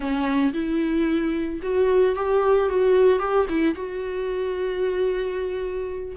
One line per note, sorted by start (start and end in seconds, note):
0.00 0.53 C#4
0.53 1.60 E4
1.62 2.15 F#4
2.15 2.69 G4
2.69 3.19 F#4
3.19 3.46 G4
3.49 3.74 E4
3.74 6.15 F#4